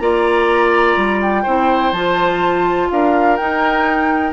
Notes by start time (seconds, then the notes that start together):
0.00 A#3 F4 D5 A#5
0.97 G3
1.22 G5
1.43 C4 E4 C5
1.92 F3 F4 A5
2.91 D4 A#4 F5
3.37 D#4 G5